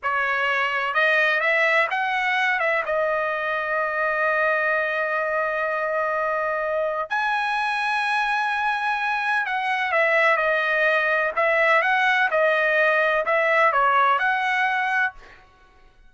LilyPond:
\new Staff \with { instrumentName = "trumpet" } { \time 4/4 \tempo 4 = 127 cis''2 dis''4 e''4 | fis''4. e''8 dis''2~ | dis''1~ | dis''2. gis''4~ |
gis''1 | fis''4 e''4 dis''2 | e''4 fis''4 dis''2 | e''4 cis''4 fis''2 | }